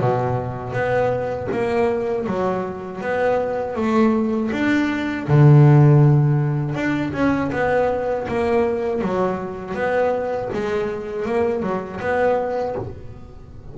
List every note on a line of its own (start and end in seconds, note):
0.00 0.73 B2
0.73 1.48 B3
1.52 2.27 A#3
2.27 3.01 F#3
3.01 3.76 B3
3.76 4.51 A3
4.52 5.27 D4
5.28 6.75 D3
6.75 7.12 D4
7.14 7.51 C#4
7.52 8.27 B3
8.28 9.02 A#3
9.02 9.75 F#3
9.75 10.50 B3
10.54 11.26 G#3
11.26 11.62 A#3
11.62 12.00 F#3
12.01 12.76 B3